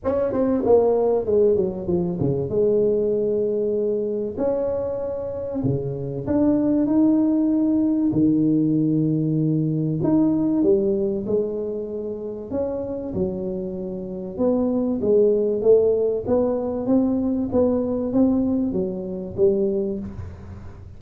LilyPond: \new Staff \with { instrumentName = "tuba" } { \time 4/4 \tempo 4 = 96 cis'8 c'8 ais4 gis8 fis8 f8 cis8 | gis2. cis'4~ | cis'4 cis4 d'4 dis'4~ | dis'4 dis2. |
dis'4 g4 gis2 | cis'4 fis2 b4 | gis4 a4 b4 c'4 | b4 c'4 fis4 g4 | }